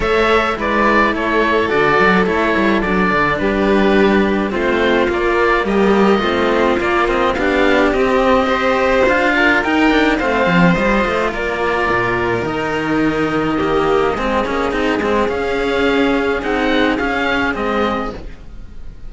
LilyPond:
<<
  \new Staff \with { instrumentName = "oboe" } { \time 4/4 \tempo 4 = 106 e''4 d''4 cis''4 d''4 | cis''4 d''4 b'2 | c''4 d''4 dis''2 | d''8 dis''8 f''4 dis''2 |
f''4 g''4 f''4 dis''4 | d''2 dis''2~ | dis''2. f''4~ | f''4 fis''4 f''4 dis''4 | }
  \new Staff \with { instrumentName = "violin" } { \time 4/4 cis''4 b'4 a'2~ | a'2 g'2 | f'2 g'4 f'4~ | f'4 g'2 c''4~ |
c''8 ais'4. c''2 | ais'1 | g'4 gis'2.~ | gis'1 | }
  \new Staff \with { instrumentName = "cello" } { \time 4/4 a'4 e'2 fis'4 | e'4 d'2. | c'4 ais2 c'4 | ais8 c'8 d'4 c'4 g'4 |
f'4 dis'8 d'8 c'4 f'4~ | f'2 dis'2 | ais4 c'8 cis'8 dis'8 c'8 cis'4~ | cis'4 dis'4 cis'4 c'4 | }
  \new Staff \with { instrumentName = "cello" } { \time 4/4 a4 gis4 a4 d8 fis8 | a8 g8 fis8 d8 g2 | a4 ais4 g4 a4 | ais4 b4 c'2 |
d'4 dis'4 a8 f8 g8 a8 | ais4 ais,4 dis2~ | dis4 gis8 ais8 c'8 gis8 cis'4~ | cis'4 c'4 cis'4 gis4 | }
>>